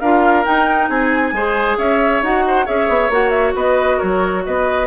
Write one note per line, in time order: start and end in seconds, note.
0.00 0.45 D4
0.00 0.44 F4
0.00 0.89 A#4
0.00 0.44 F5
0.44 1.33 D#4
0.44 0.89 D#4
0.44 0.90 G5
0.89 1.32 C4
0.89 1.34 G#4
0.89 1.78 G#5
1.32 1.77 G#3
1.32 2.24 G#4
1.32 1.78 C5
1.78 2.22 C#4
1.78 2.45 C#5
1.78 2.23 E5
2.22 2.67 D#4
2.22 2.65 F#4
2.22 2.67 F#5
2.47 2.65 C5
2.65 2.89 C#4
2.65 3.10 G#4
2.65 3.54 C#5
2.65 3.11 E5
2.89 3.09 B3
3.09 3.54 A#3
3.09 4.87 F#4
3.09 3.30 F#5
3.30 3.52 E5
3.55 3.99 B3
3.55 3.97 B4
3.55 4.00 D#5
3.97 4.47 F#3
3.97 4.42 A#4
3.97 4.44 C#5
4.45 4.87 B3
4.45 4.87 B4
4.45 4.87 D#5